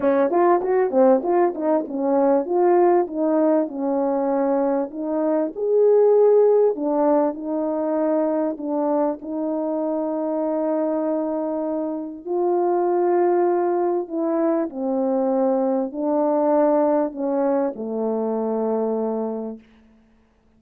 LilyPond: \new Staff \with { instrumentName = "horn" } { \time 4/4 \tempo 4 = 98 cis'8 f'8 fis'8 c'8 f'8 dis'8 cis'4 | f'4 dis'4 cis'2 | dis'4 gis'2 d'4 | dis'2 d'4 dis'4~ |
dis'1 | f'2. e'4 | c'2 d'2 | cis'4 a2. | }